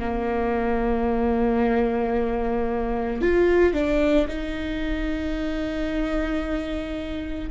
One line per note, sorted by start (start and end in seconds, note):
0.00 3.21 A#3
3.21 3.73 F4
3.73 4.27 D4
4.28 7.49 D#4